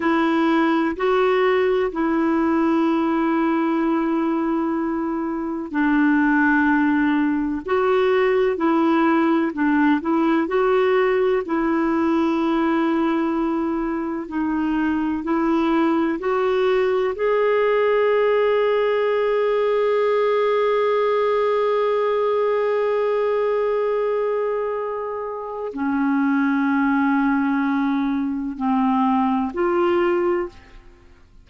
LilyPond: \new Staff \with { instrumentName = "clarinet" } { \time 4/4 \tempo 4 = 63 e'4 fis'4 e'2~ | e'2 d'2 | fis'4 e'4 d'8 e'8 fis'4 | e'2. dis'4 |
e'4 fis'4 gis'2~ | gis'1~ | gis'2. cis'4~ | cis'2 c'4 f'4 | }